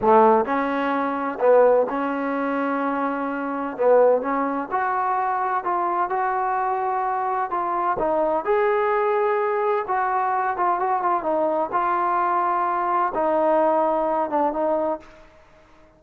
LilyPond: \new Staff \with { instrumentName = "trombone" } { \time 4/4 \tempo 4 = 128 a4 cis'2 b4 | cis'1 | b4 cis'4 fis'2 | f'4 fis'2. |
f'4 dis'4 gis'2~ | gis'4 fis'4. f'8 fis'8 f'8 | dis'4 f'2. | dis'2~ dis'8 d'8 dis'4 | }